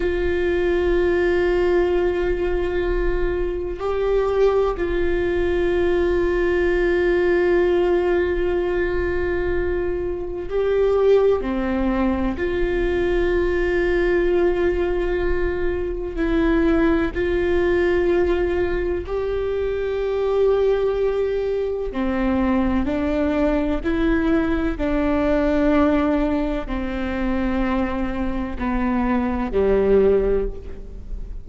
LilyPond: \new Staff \with { instrumentName = "viola" } { \time 4/4 \tempo 4 = 63 f'1 | g'4 f'2.~ | f'2. g'4 | c'4 f'2.~ |
f'4 e'4 f'2 | g'2. c'4 | d'4 e'4 d'2 | c'2 b4 g4 | }